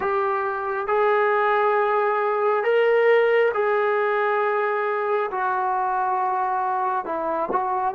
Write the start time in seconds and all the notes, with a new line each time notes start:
0.00 G4
0.87 G#4
2.63 A#4
3.53 G#4
5.31 F#4
7.05 E4
7.51 F#4